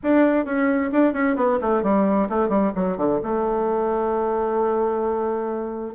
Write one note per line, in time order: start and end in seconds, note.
0.03 0.45 D4
0.45 0.91 C#4
0.92 1.13 D4
1.13 1.36 C#4
1.36 1.59 B3
1.61 1.82 A3
1.82 2.28 G3
2.29 2.49 A3
2.49 2.71 G3
2.75 2.97 F#3
2.97 3.20 D3
3.23 5.94 A3